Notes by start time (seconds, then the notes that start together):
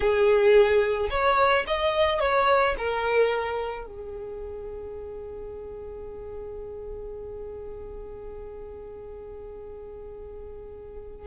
0.00 G#4
1.09 C#5
1.67 D#5
2.20 C#5
2.78 A#4
3.86 G#4